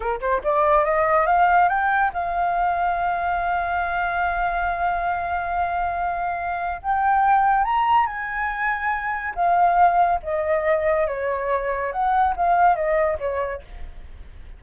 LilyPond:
\new Staff \with { instrumentName = "flute" } { \time 4/4 \tempo 4 = 141 ais'8 c''8 d''4 dis''4 f''4 | g''4 f''2.~ | f''1~ | f''1 |
g''2 ais''4 gis''4~ | gis''2 f''2 | dis''2 cis''2 | fis''4 f''4 dis''4 cis''4 | }